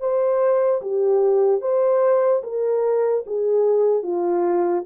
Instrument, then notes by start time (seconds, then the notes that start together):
horn
0.00 C5
0.81 G4
1.61 C5
2.43 A#4
3.26 G#4
4.03 F4